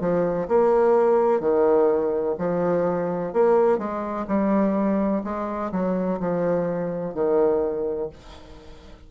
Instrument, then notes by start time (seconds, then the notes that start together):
bassoon
0.00 F3
0.48 A#3
1.40 D#3
2.39 F3
3.33 A#3
3.78 G#3
4.28 G3
5.24 G#3
5.72 F#3
6.20 F3
7.14 D#3